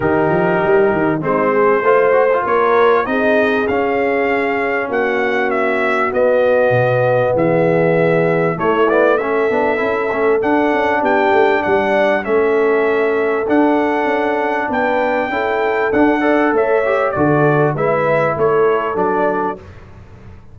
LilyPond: <<
  \new Staff \with { instrumentName = "trumpet" } { \time 4/4 \tempo 4 = 98 ais'2 c''2 | cis''4 dis''4 f''2 | fis''4 e''4 dis''2 | e''2 cis''8 d''8 e''4~ |
e''4 fis''4 g''4 fis''4 | e''2 fis''2 | g''2 fis''4 e''4 | d''4 e''4 cis''4 d''4 | }
  \new Staff \with { instrumentName = "horn" } { \time 4/4 g'2 dis'8 gis'8 c''4 | ais'4 gis'2. | fis'1 | gis'2 e'4 a'4~ |
a'2 g'4 d''4 | a'1 | b'4 a'4. d''8 cis''4 | a'4 b'4 a'2 | }
  \new Staff \with { instrumentName = "trombone" } { \time 4/4 dis'2 c'4 f'8 fis'16 f'16~ | f'4 dis'4 cis'2~ | cis'2 b2~ | b2 a8 b8 cis'8 d'8 |
e'8 cis'8 d'2. | cis'2 d'2~ | d'4 e'4 d'8 a'4 g'8 | fis'4 e'2 d'4 | }
  \new Staff \with { instrumentName = "tuba" } { \time 4/4 dis8 f8 g8 dis8 gis4 a4 | ais4 c'4 cis'2 | ais2 b4 b,4 | e2 a4. b8 |
cis'8 a8 d'8 cis'8 b8 a8 g4 | a2 d'4 cis'4 | b4 cis'4 d'4 a4 | d4 gis4 a4 fis4 | }
>>